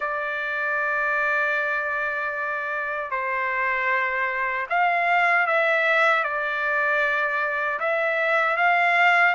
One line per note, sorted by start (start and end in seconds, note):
0.00 3.10 D5
3.10 4.66 C5
4.69 5.47 F5
5.47 6.23 E5
6.23 7.79 D5
7.79 8.56 E5
8.56 9.34 F5